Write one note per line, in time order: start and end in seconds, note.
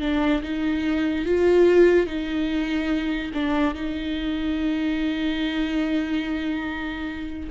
0.00 0.42 D4
0.42 1.25 D#4
1.25 2.06 F4
2.06 3.31 D#4
3.34 3.74 D4
3.74 7.49 D#4